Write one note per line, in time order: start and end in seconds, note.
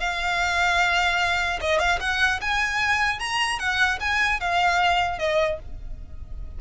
0.00 1.60 F5
1.61 1.79 D#5
1.79 1.99 F5
2.01 2.41 F#5
2.41 3.20 G#5
3.20 3.59 A#5
3.59 3.99 F#5
4.01 4.41 G#5
4.41 5.19 F5
5.19 5.59 D#5